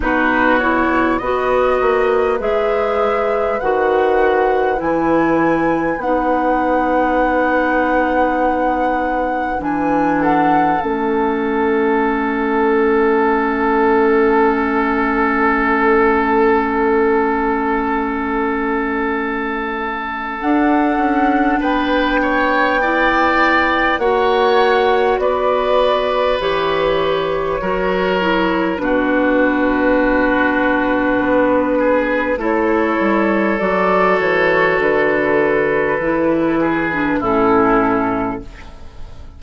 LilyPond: <<
  \new Staff \with { instrumentName = "flute" } { \time 4/4 \tempo 4 = 50 b'8 cis''8 dis''4 e''4 fis''4 | gis''4 fis''2. | gis''8 fis''8 e''2.~ | e''1~ |
e''4 fis''4 g''2 | fis''4 d''4 cis''2 | b'2. cis''4 | d''8 cis''8 b'2 a'4 | }
  \new Staff \with { instrumentName = "oboe" } { \time 4/4 fis'4 b'2.~ | b'1~ | b'8 a'2.~ a'8~ | a'1~ |
a'2 b'8 cis''8 d''4 | cis''4 b'2 ais'4 | fis'2~ fis'8 gis'8 a'4~ | a'2~ a'8 gis'8 e'4 | }
  \new Staff \with { instrumentName = "clarinet" } { \time 4/4 dis'8 e'8 fis'4 gis'4 fis'4 | e'4 dis'2. | d'4 cis'2.~ | cis'1~ |
cis'4 d'2 e'4 | fis'2 g'4 fis'8 e'8 | d'2. e'4 | fis'2 e'8. d'16 cis'4 | }
  \new Staff \with { instrumentName = "bassoon" } { \time 4/4 b,4 b8 ais8 gis4 dis4 | e4 b2. | e4 a2.~ | a1~ |
a4 d'8 cis'8 b2 | ais4 b4 e4 fis4 | b,2 b4 a8 g8 | fis8 e8 d4 e4 a,4 | }
>>